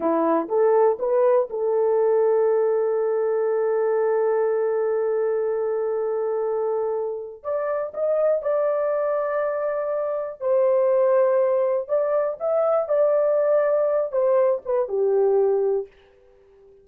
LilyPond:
\new Staff \with { instrumentName = "horn" } { \time 4/4 \tempo 4 = 121 e'4 a'4 b'4 a'4~ | a'1~ | a'1~ | a'2. d''4 |
dis''4 d''2.~ | d''4 c''2. | d''4 e''4 d''2~ | d''8 c''4 b'8 g'2 | }